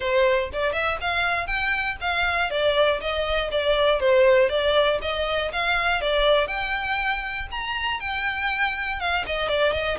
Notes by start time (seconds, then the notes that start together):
0.00 C5
0.53 D5
0.72 E5
1.00 F5
1.46 G5
2.00 F5
2.50 D5
3.00 D#5
3.51 D5
4.00 C5
4.49 D5
5.01 D#5
5.52 F5
6.01 D5
6.47 G5
7.51 A#5
8.00 G5
9.00 F5
9.26 D#5
9.48 D5
9.72 D#5